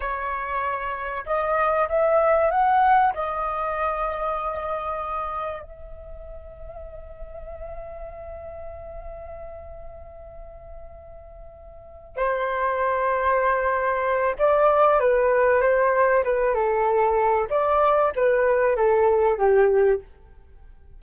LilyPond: \new Staff \with { instrumentName = "flute" } { \time 4/4 \tempo 4 = 96 cis''2 dis''4 e''4 | fis''4 dis''2.~ | dis''4 e''2.~ | e''1~ |
e''2.~ e''8 c''8~ | c''2. d''4 | b'4 c''4 b'8 a'4. | d''4 b'4 a'4 g'4 | }